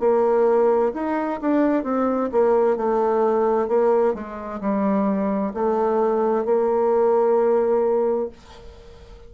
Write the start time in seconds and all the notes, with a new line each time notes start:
0.00 A#3
0.94 D#4
1.41 D4
1.83 C4
2.32 A#3
2.77 A3
3.68 A#3
4.14 G#3
4.61 G3
5.54 A3
6.45 A#3